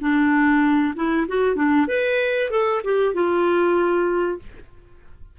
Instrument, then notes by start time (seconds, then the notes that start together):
clarinet
0.00 D4
0.95 E4
1.28 F#4
1.55 D4
1.88 B4
2.50 A4
2.84 G4
3.14 F4